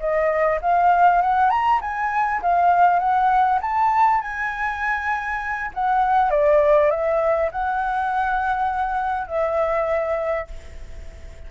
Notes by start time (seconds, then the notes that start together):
0.00 D#5
0.62 F5
1.22 F#5
1.50 A#5
1.81 G#5
2.42 F5
2.99 F#5
3.61 A5
4.21 G#5
5.74 F#5
6.31 D5
6.91 E5
7.52 F#5
9.27 E5